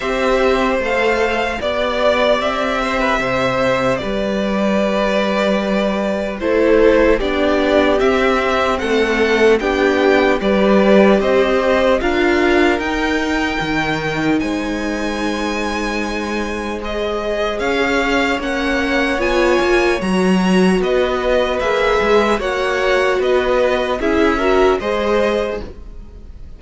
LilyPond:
<<
  \new Staff \with { instrumentName = "violin" } { \time 4/4 \tempo 4 = 75 e''4 f''4 d''4 e''4~ | e''4 d''2. | c''4 d''4 e''4 fis''4 | g''4 d''4 dis''4 f''4 |
g''2 gis''2~ | gis''4 dis''4 f''4 fis''4 | gis''4 ais''4 dis''4 e''4 | fis''4 dis''4 e''4 dis''4 | }
  \new Staff \with { instrumentName = "violin" } { \time 4/4 c''2 d''4. c''16 b'16 | c''4 b'2. | a'4 g'2 a'4 | g'4 b'4 c''4 ais'4~ |
ais'2 c''2~ | c''2 cis''2~ | cis''2 b'2 | cis''4 b'4 gis'8 ais'8 c''4 | }
  \new Staff \with { instrumentName = "viola" } { \time 4/4 g'4 a'4 g'2~ | g'1 | e'4 d'4 c'2 | d'4 g'2 f'4 |
dis'1~ | dis'4 gis'2 cis'4 | f'4 fis'2 gis'4 | fis'2 e'8 fis'8 gis'4 | }
  \new Staff \with { instrumentName = "cello" } { \time 4/4 c'4 a4 b4 c'4 | c4 g2. | a4 b4 c'4 a4 | b4 g4 c'4 d'4 |
dis'4 dis4 gis2~ | gis2 cis'4 ais4 | b8 ais8 fis4 b4 ais8 gis8 | ais4 b4 cis'4 gis4 | }
>>